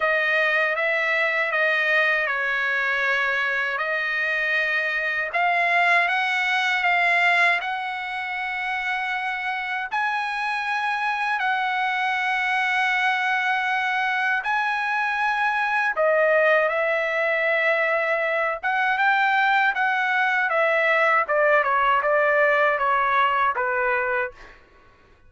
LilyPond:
\new Staff \with { instrumentName = "trumpet" } { \time 4/4 \tempo 4 = 79 dis''4 e''4 dis''4 cis''4~ | cis''4 dis''2 f''4 | fis''4 f''4 fis''2~ | fis''4 gis''2 fis''4~ |
fis''2. gis''4~ | gis''4 dis''4 e''2~ | e''8 fis''8 g''4 fis''4 e''4 | d''8 cis''8 d''4 cis''4 b'4 | }